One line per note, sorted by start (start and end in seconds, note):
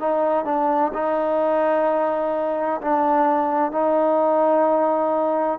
0.00 0.45 D#4
0.45 0.92 D4
0.94 2.81 D#4
2.81 3.72 D4
3.72 5.59 D#4